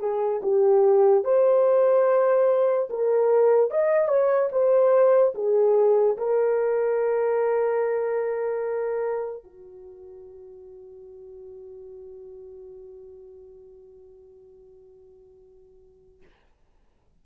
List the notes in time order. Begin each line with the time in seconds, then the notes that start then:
0.00 G#4
0.43 G4
1.24 C5
2.90 A#4
3.71 D#5
4.08 C#5
4.52 C5
5.35 G#4
6.18 A#4
9.44 F#4